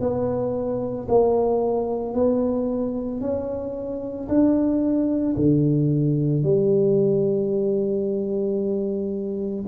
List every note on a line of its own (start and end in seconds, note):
0.00 1.07 B3
1.09 2.14 A#3
2.14 3.21 B3
3.21 4.28 C#4
4.29 5.36 D4
5.36 6.43 D3
6.43 9.65 G3